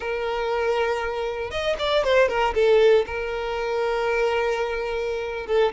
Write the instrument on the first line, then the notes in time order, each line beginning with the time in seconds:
violin
0.00 A#4
1.50 D#5
1.78 D5
2.03 C5
2.28 A#4
2.54 A4
3.06 A#4
5.47 A4